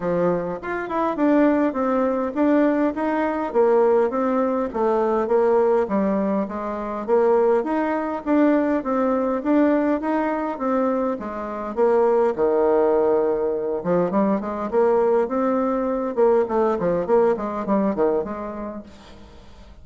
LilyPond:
\new Staff \with { instrumentName = "bassoon" } { \time 4/4 \tempo 4 = 102 f4 f'8 e'8 d'4 c'4 | d'4 dis'4 ais4 c'4 | a4 ais4 g4 gis4 | ais4 dis'4 d'4 c'4 |
d'4 dis'4 c'4 gis4 | ais4 dis2~ dis8 f8 | g8 gis8 ais4 c'4. ais8 | a8 f8 ais8 gis8 g8 dis8 gis4 | }